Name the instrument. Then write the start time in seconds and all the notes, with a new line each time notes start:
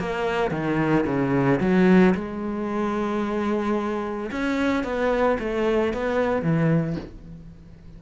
cello
0.00 A#3
0.51 D#3
1.06 C#3
1.60 F#3
2.15 G#3
4.32 C#4
4.84 B3
5.40 A3
5.94 B3
6.43 E3